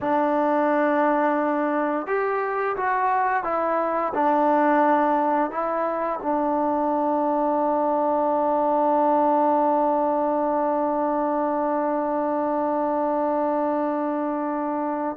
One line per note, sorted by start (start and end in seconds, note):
0.01 2.07 D4
2.07 2.76 G4
2.76 3.43 F#4
3.43 4.12 E4
4.14 5.50 D4
5.50 6.19 E4
6.22 15.16 D4